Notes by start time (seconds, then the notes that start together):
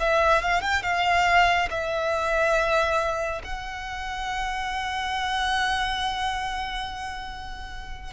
0.00 E5
0.42 F5
0.62 G5
0.83 F5
1.71 E5
3.44 F#5